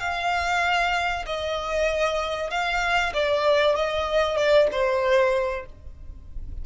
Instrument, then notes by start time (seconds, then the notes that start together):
violin
0.00 F5
1.26 D#5
2.50 F5
3.14 D5
3.76 D#5
4.37 D5
4.72 C5